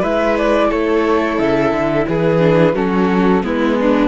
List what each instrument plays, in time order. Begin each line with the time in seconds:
0.00 cello G#3, viola E4, violin B4, flute E5
0.38 flute D5
0.69 cello A3, violin A4, flute C#5
1.39 cello C#3, flute E5
1.72 cello D3
2.08 cello E3, violin G#4, flute B4
2.40 viola D4
2.75 cello F#3, viola C#4, violin F#4, flute A4
3.43 cello G#3, viola B3, violin E4, flute B4
3.80 violin D4